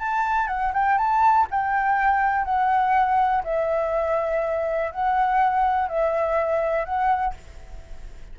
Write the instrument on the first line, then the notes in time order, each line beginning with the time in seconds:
flute
0.00 A5
0.48 F#5
0.74 G5
0.98 A5
1.51 G5
2.45 F#5
3.44 E5
4.92 F#5
5.89 E5
6.85 F#5